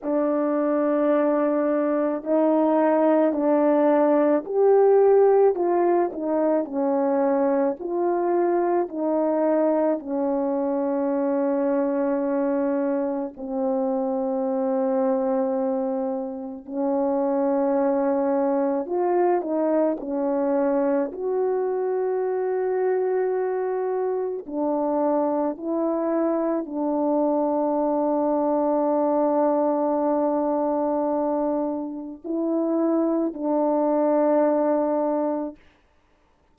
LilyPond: \new Staff \with { instrumentName = "horn" } { \time 4/4 \tempo 4 = 54 d'2 dis'4 d'4 | g'4 f'8 dis'8 cis'4 f'4 | dis'4 cis'2. | c'2. cis'4~ |
cis'4 f'8 dis'8 cis'4 fis'4~ | fis'2 d'4 e'4 | d'1~ | d'4 e'4 d'2 | }